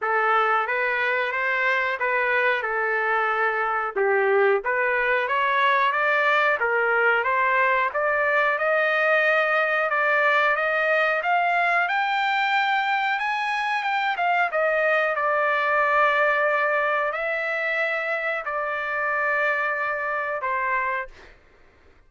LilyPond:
\new Staff \with { instrumentName = "trumpet" } { \time 4/4 \tempo 4 = 91 a'4 b'4 c''4 b'4 | a'2 g'4 b'4 | cis''4 d''4 ais'4 c''4 | d''4 dis''2 d''4 |
dis''4 f''4 g''2 | gis''4 g''8 f''8 dis''4 d''4~ | d''2 e''2 | d''2. c''4 | }